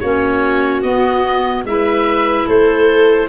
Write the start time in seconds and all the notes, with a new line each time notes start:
0.00 A#3 C#4 F#4 C#5
0.82 B3 D#5
1.65 G#3 E4 B4 E5
2.47 A3 A4 C5